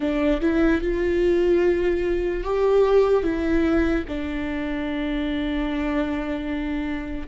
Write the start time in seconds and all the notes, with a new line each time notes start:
0.00 D4
0.41 E4
0.81 F4
2.43 G4
3.23 E4
4.08 D4